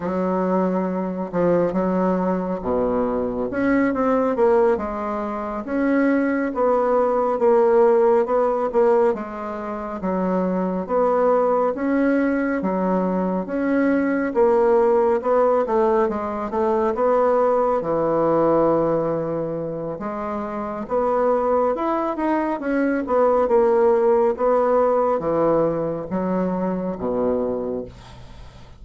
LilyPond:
\new Staff \with { instrumentName = "bassoon" } { \time 4/4 \tempo 4 = 69 fis4. f8 fis4 b,4 | cis'8 c'8 ais8 gis4 cis'4 b8~ | b8 ais4 b8 ais8 gis4 fis8~ | fis8 b4 cis'4 fis4 cis'8~ |
cis'8 ais4 b8 a8 gis8 a8 b8~ | b8 e2~ e8 gis4 | b4 e'8 dis'8 cis'8 b8 ais4 | b4 e4 fis4 b,4 | }